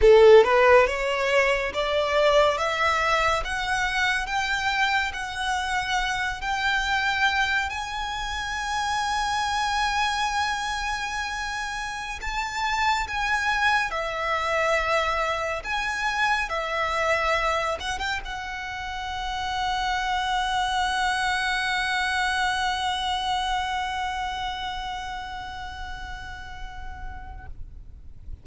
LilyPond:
\new Staff \with { instrumentName = "violin" } { \time 4/4 \tempo 4 = 70 a'8 b'8 cis''4 d''4 e''4 | fis''4 g''4 fis''4. g''8~ | g''4 gis''2.~ | gis''2~ gis''16 a''4 gis''8.~ |
gis''16 e''2 gis''4 e''8.~ | e''8. fis''16 g''16 fis''2~ fis''8.~ | fis''1~ | fis''1 | }